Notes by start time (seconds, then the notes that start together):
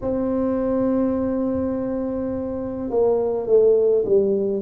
0.01 C4
2.90 A#3
3.46 A3
4.05 G3